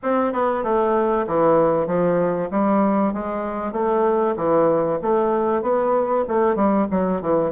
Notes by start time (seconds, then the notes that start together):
0.02 C4
0.33 B3
0.63 A3
1.27 E3
1.86 F3
2.51 G3
3.12 G#3
3.72 A3
4.36 E3
5.02 A3
5.61 B3
6.28 A3
6.55 G3
6.91 F#3
7.21 E3